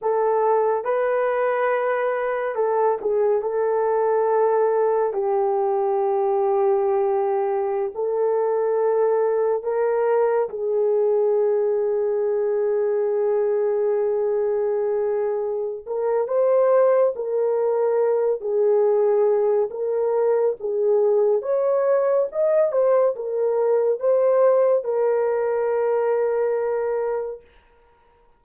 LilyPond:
\new Staff \with { instrumentName = "horn" } { \time 4/4 \tempo 4 = 70 a'4 b'2 a'8 gis'8 | a'2 g'2~ | g'4~ g'16 a'2 ais'8.~ | ais'16 gis'2.~ gis'8.~ |
gis'2~ gis'8 ais'8 c''4 | ais'4. gis'4. ais'4 | gis'4 cis''4 dis''8 c''8 ais'4 | c''4 ais'2. | }